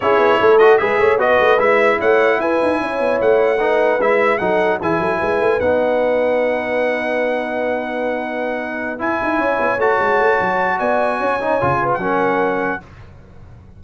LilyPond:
<<
  \new Staff \with { instrumentName = "trumpet" } { \time 4/4 \tempo 4 = 150 cis''4. dis''8 e''4 dis''4 | e''4 fis''4 gis''2 | fis''2 e''4 fis''4 | gis''2 fis''2~ |
fis''1~ | fis''2~ fis''8 gis''4.~ | gis''8 a''2~ a''8 gis''4~ | gis''4.~ gis''16 fis''2~ fis''16 | }
  \new Staff \with { instrumentName = "horn" } { \time 4/4 gis'4 a'4 b'8 cis''8 b'4~ | b'4 cis''4 b'4 cis''4~ | cis''4 b'2 a'4 | gis'8 a'8 b'2.~ |
b'1~ | b'2.~ b'8 cis''8~ | cis''2. d''4 | cis''4. b'8 ais'2 | }
  \new Staff \with { instrumentName = "trombone" } { \time 4/4 e'4. fis'8 gis'4 fis'4 | e'1~ | e'4 dis'4 e'4 dis'4 | e'2 dis'2~ |
dis'1~ | dis'2~ dis'8 e'4.~ | e'8 fis'2.~ fis'8~ | fis'8 dis'8 f'4 cis'2 | }
  \new Staff \with { instrumentName = "tuba" } { \time 4/4 cis'8 b8 a4 gis8 a8 b8 a8 | gis4 a4 e'8 dis'8 cis'8 b8 | a2 gis4 fis4 | e8 fis8 gis8 a8 b2~ |
b1~ | b2~ b8 e'8 dis'8 cis'8 | b8 a8 gis8 a8 fis4 b4 | cis'4 cis4 fis2 | }
>>